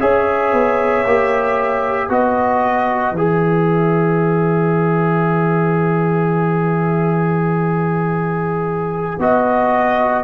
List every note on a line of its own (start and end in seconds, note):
0.00 0.53 C#4
0.00 1.06 G#4
0.00 2.09 C#5
0.00 2.11 E5
0.53 1.05 B3
1.06 2.09 A#3
1.06 2.10 G4
2.09 3.12 B3
2.09 3.15 F#4
2.09 10.24 B4
2.09 3.16 D#5
3.12 9.17 E3
3.12 9.20 G#4
3.12 9.21 E5
9.19 10.24 B3
9.19 10.24 F#4
9.19 10.24 D#5